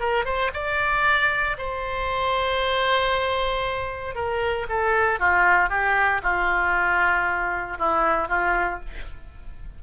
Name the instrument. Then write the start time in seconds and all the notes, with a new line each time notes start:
oboe
0.00 A#4
0.25 C5
0.53 D5
1.58 C5
4.15 A#4
4.69 A4
5.19 F4
5.70 G4
6.23 F4
7.79 E4
8.28 F4